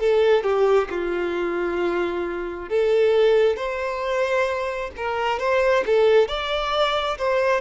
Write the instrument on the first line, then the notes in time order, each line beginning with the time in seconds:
violin
0.00 A4
0.44 G4
0.90 F4
2.69 A4
3.57 C5
4.97 A#4
5.39 C5
5.86 A4
6.28 D5
7.18 C5